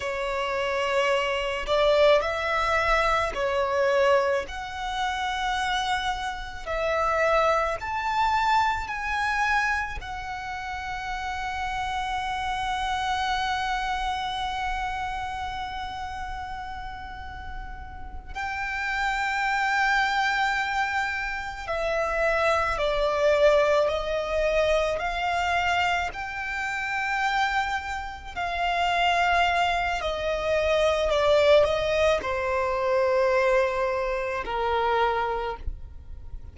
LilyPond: \new Staff \with { instrumentName = "violin" } { \time 4/4 \tempo 4 = 54 cis''4. d''8 e''4 cis''4 | fis''2 e''4 a''4 | gis''4 fis''2.~ | fis''1~ |
fis''8 g''2. e''8~ | e''8 d''4 dis''4 f''4 g''8~ | g''4. f''4. dis''4 | d''8 dis''8 c''2 ais'4 | }